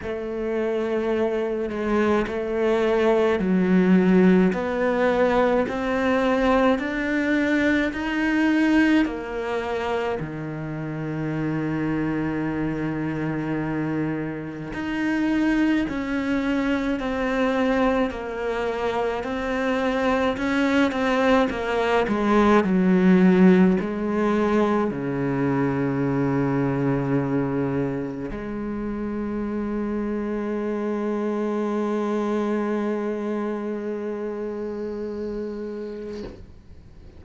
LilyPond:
\new Staff \with { instrumentName = "cello" } { \time 4/4 \tempo 4 = 53 a4. gis8 a4 fis4 | b4 c'4 d'4 dis'4 | ais4 dis2.~ | dis4 dis'4 cis'4 c'4 |
ais4 c'4 cis'8 c'8 ais8 gis8 | fis4 gis4 cis2~ | cis4 gis2.~ | gis1 | }